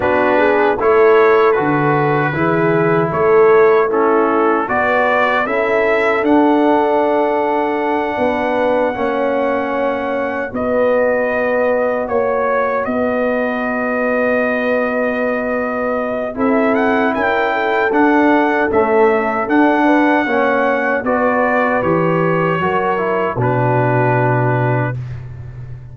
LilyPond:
<<
  \new Staff \with { instrumentName = "trumpet" } { \time 4/4 \tempo 4 = 77 b'4 cis''4 b'2 | cis''4 a'4 d''4 e''4 | fis''1~ | fis''4. dis''2 cis''8~ |
cis''8 dis''2.~ dis''8~ | dis''4 e''8 fis''8 g''4 fis''4 | e''4 fis''2 d''4 | cis''2 b'2 | }
  \new Staff \with { instrumentName = "horn" } { \time 4/4 fis'8 gis'8 a'2 gis'4 | a'4 e'4 b'4 a'4~ | a'2~ a'8 b'4 cis''8~ | cis''4. b'2 cis''8~ |
cis''8 b'2.~ b'8~ | b'4 a'4 ais'8 a'4.~ | a'4. b'8 cis''4 b'4~ | b'4 ais'4 fis'2 | }
  \new Staff \with { instrumentName = "trombone" } { \time 4/4 d'4 e'4 fis'4 e'4~ | e'4 cis'4 fis'4 e'4 | d'2.~ d'8 cis'8~ | cis'4. fis'2~ fis'8~ |
fis'1~ | fis'4 e'2 d'4 | a4 d'4 cis'4 fis'4 | g'4 fis'8 e'8 d'2 | }
  \new Staff \with { instrumentName = "tuba" } { \time 4/4 b4 a4 d4 e4 | a2 b4 cis'4 | d'2~ d'8 b4 ais8~ | ais4. b2 ais8~ |
ais8 b2.~ b8~ | b4 c'4 cis'4 d'4 | cis'4 d'4 ais4 b4 | e4 fis4 b,2 | }
>>